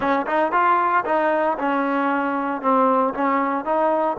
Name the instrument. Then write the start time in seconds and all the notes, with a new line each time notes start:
trombone
0.00 C#4
0.26 D#4
0.52 F4
1.05 D#4
1.58 C#4
2.61 C4
3.14 C#4
3.65 D#4